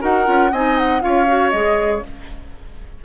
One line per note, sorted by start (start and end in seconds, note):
0.00 0.27 D#4
0.00 0.25 F#4
0.00 0.51 A#4
0.00 0.53 F#5
0.25 0.52 C#4
0.25 0.50 F4
0.51 1.02 C4
0.51 1.00 D#4
0.51 1.02 D#5
0.51 0.78 G#5
0.78 1.02 F#5
1.00 1.52 C#4
1.00 1.25 F4
1.00 2.04 C#5
1.00 1.50 F5
1.27 1.52 F#4
1.50 2.03 G#3
1.50 2.02 G#4
1.50 2.00 D#5